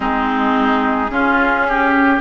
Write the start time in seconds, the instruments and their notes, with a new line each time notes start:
0.00 bassoon G#3, clarinet C4, oboe D#4, flute G#4
1.09 bassoon C#4, clarinet C#4, oboe F4
1.68 oboe G4